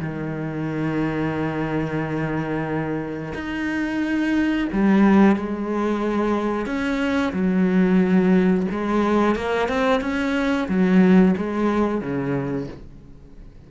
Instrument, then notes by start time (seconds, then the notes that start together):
cello
0.00 D#3
3.35 D#4
4.72 G3
5.36 G#3
6.66 C#4
7.33 F#3
8.71 G#3
9.36 A#3
9.68 C4
10.01 C#4
10.68 F#3
11.37 G#3
12.01 C#3